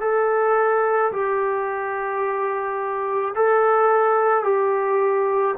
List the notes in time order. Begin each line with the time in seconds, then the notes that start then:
0.00 A4
1.12 G4
3.35 A4
4.43 G4